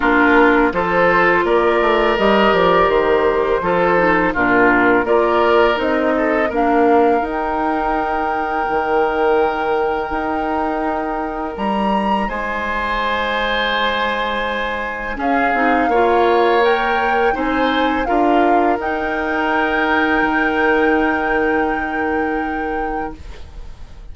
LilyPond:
<<
  \new Staff \with { instrumentName = "flute" } { \time 4/4 \tempo 4 = 83 ais'4 c''4 d''4 dis''8 d''8 | c''2 ais'4 d''4 | dis''4 f''4 g''2~ | g''1 |
ais''4 gis''2.~ | gis''4 f''2 g''4 | gis''4 f''4 g''2~ | g''1 | }
  \new Staff \with { instrumentName = "oboe" } { \time 4/4 f'4 a'4 ais'2~ | ais'4 a'4 f'4 ais'4~ | ais'8 a'8 ais'2.~ | ais'1~ |
ais'4 c''2.~ | c''4 gis'4 cis''2 | c''4 ais'2.~ | ais'1 | }
  \new Staff \with { instrumentName = "clarinet" } { \time 4/4 d'4 f'2 g'4~ | g'4 f'8 dis'8 d'4 f'4 | dis'4 d'4 dis'2~ | dis'1~ |
dis'1~ | dis'4 cis'8 dis'8 f'4 ais'4 | dis'4 f'4 dis'2~ | dis'1 | }
  \new Staff \with { instrumentName = "bassoon" } { \time 4/4 ais4 f4 ais8 a8 g8 f8 | dis4 f4 ais,4 ais4 | c'4 ais4 dis'2 | dis2 dis'2 |
g4 gis2.~ | gis4 cis'8 c'8 ais2 | c'4 d'4 dis'2 | dis1 | }
>>